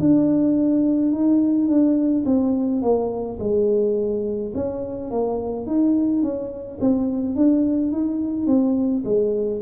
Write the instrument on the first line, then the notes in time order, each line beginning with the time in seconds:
tuba
0.00 D4
1.12 D#4
1.68 D4
2.26 C4
2.82 A#3
3.40 G#3
4.55 C#4
5.11 A#3
5.67 D#4
6.22 C#4
6.81 C4
7.35 D4
7.92 D#4
8.47 C4
9.05 G#3